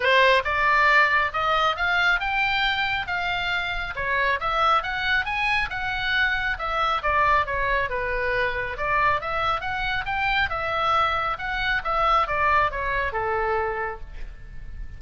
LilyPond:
\new Staff \with { instrumentName = "oboe" } { \time 4/4 \tempo 4 = 137 c''4 d''2 dis''4 | f''4 g''2 f''4~ | f''4 cis''4 e''4 fis''4 | gis''4 fis''2 e''4 |
d''4 cis''4 b'2 | d''4 e''4 fis''4 g''4 | e''2 fis''4 e''4 | d''4 cis''4 a'2 | }